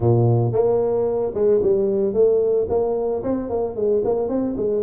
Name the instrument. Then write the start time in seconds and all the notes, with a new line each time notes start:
tuba
0.00 A#2
0.52 A#3
1.34 G#3
1.62 G3
2.13 A3
2.69 A#3
3.23 C4
3.49 A#3
3.75 G#3
4.04 A#3
4.29 C4
4.57 G#3